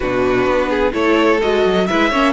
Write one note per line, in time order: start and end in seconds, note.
0.00 0.45 B2
0.00 0.92 D4
0.00 0.69 F#4
0.00 0.93 B4
0.45 0.92 B3
0.69 0.92 G#4
0.92 1.41 A3
0.92 1.39 E4
0.92 1.86 A4
0.92 1.40 C#5
1.41 1.65 G#3
1.41 1.88 F#4
1.41 1.86 D#5
1.65 1.89 F#3
1.86 2.12 G#3
1.86 2.12 E4
1.86 2.10 B4
1.86 2.32 E5
2.10 2.32 A#3
2.10 2.32 C#4
2.10 2.32 C#5